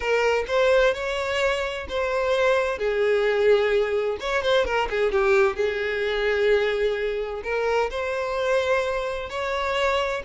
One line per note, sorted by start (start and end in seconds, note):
0.00 0.44 A#4
0.47 0.94 C5
0.94 1.87 C#5
1.89 2.78 C5
2.78 4.17 G#4
4.20 4.42 C#5
4.42 4.65 C5
4.65 4.88 A#4
4.90 5.11 G#4
5.11 5.56 G4
5.56 7.42 G#4
7.43 7.90 A#4
7.90 9.29 C5
9.29 10.22 C#5